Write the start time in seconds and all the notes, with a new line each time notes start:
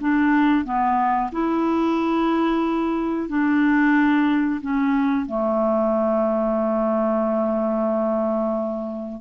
0.00 D4
0.64 B3
1.32 E4
3.28 D4
4.61 C#4
5.26 A3